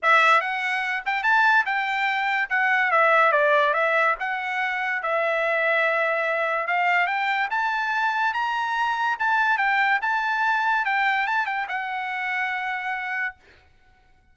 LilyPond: \new Staff \with { instrumentName = "trumpet" } { \time 4/4 \tempo 4 = 144 e''4 fis''4. g''8 a''4 | g''2 fis''4 e''4 | d''4 e''4 fis''2 | e''1 |
f''4 g''4 a''2 | ais''2 a''4 g''4 | a''2 g''4 a''8 g''8 | fis''1 | }